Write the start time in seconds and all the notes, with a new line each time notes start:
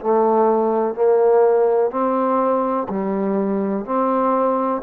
0.00 A3
0.94 A#3
1.90 C4
2.89 G3
3.85 C4